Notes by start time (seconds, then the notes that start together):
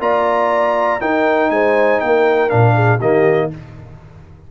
0.00 A#3 F4 D5 A#5
1.01 D#4 A#4 G5
1.50 G#3 C5 G#5
2.00 A#3 A#4 G5
2.49 A#2 D4 F5
2.75 G#4
2.99 D#3 A#3 G4 D#5